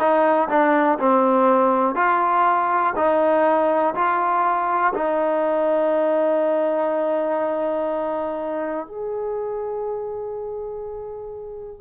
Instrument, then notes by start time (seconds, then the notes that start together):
trombone
0.00 D#4
0.50 D4
1.00 C4
1.95 F4
2.96 D#4
3.95 F4
4.94 D#4
8.87 G#4